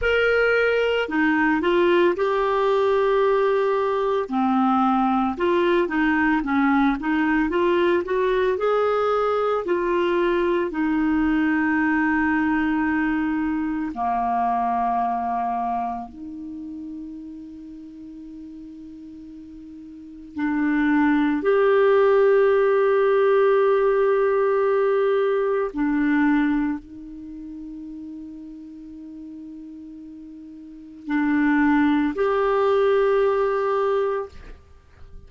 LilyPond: \new Staff \with { instrumentName = "clarinet" } { \time 4/4 \tempo 4 = 56 ais'4 dis'8 f'8 g'2 | c'4 f'8 dis'8 cis'8 dis'8 f'8 fis'8 | gis'4 f'4 dis'2~ | dis'4 ais2 dis'4~ |
dis'2. d'4 | g'1 | d'4 dis'2.~ | dis'4 d'4 g'2 | }